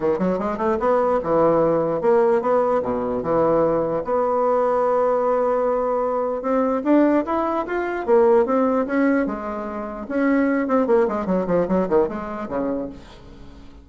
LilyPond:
\new Staff \with { instrumentName = "bassoon" } { \time 4/4 \tempo 4 = 149 e8 fis8 gis8 a8 b4 e4~ | e4 ais4 b4 b,4 | e2 b2~ | b1 |
c'4 d'4 e'4 f'4 | ais4 c'4 cis'4 gis4~ | gis4 cis'4. c'8 ais8 gis8 | fis8 f8 fis8 dis8 gis4 cis4 | }